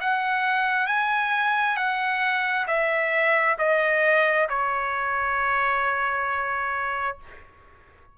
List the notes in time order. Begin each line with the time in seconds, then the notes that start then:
0.00 F#5
0.87 G#5
1.76 F#5
2.67 E5
3.58 D#5
4.49 C#5